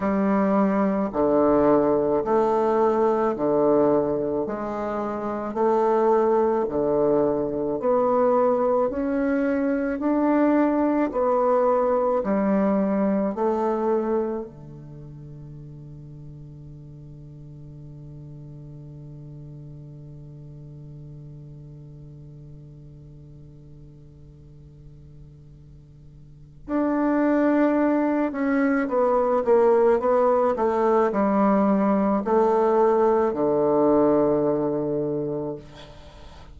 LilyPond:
\new Staff \with { instrumentName = "bassoon" } { \time 4/4 \tempo 4 = 54 g4 d4 a4 d4 | gis4 a4 d4 b4 | cis'4 d'4 b4 g4 | a4 d2.~ |
d1~ | d1 | d'4. cis'8 b8 ais8 b8 a8 | g4 a4 d2 | }